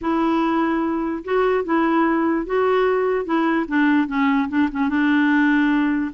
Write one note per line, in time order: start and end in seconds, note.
0.01 1.23 E4
1.24 1.64 F#4
1.64 2.46 E4
2.46 3.25 F#4
3.25 3.66 E4
3.67 4.07 D4
4.07 4.48 C#4
4.48 4.69 D4
4.71 4.89 C#4
4.89 6.11 D4